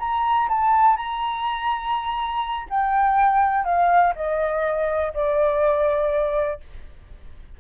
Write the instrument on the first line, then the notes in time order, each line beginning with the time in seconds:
flute
0.00 A#5
0.49 A5
0.97 A#5
2.70 G5
3.65 F5
4.16 D#5
5.14 D5